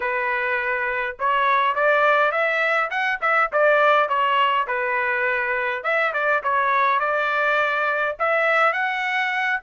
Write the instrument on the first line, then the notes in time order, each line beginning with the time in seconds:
trumpet
0.00 B4
1.19 C#5
1.75 D5
2.31 E5
2.90 F#5
3.21 E5
3.52 D5
4.08 C#5
4.67 B4
5.83 E5
6.13 D5
6.43 C#5
6.99 D5
8.19 E5
8.72 F#5